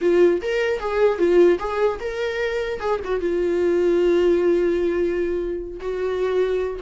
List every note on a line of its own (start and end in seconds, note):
0.01 0.41 F4
0.42 0.79 A#4
0.79 1.18 G#4
1.18 1.58 F4
1.59 1.99 G#4
2.00 2.80 A#4
2.80 3.00 G#4
3.04 3.20 F#4
3.20 5.79 F4
5.79 6.79 F#4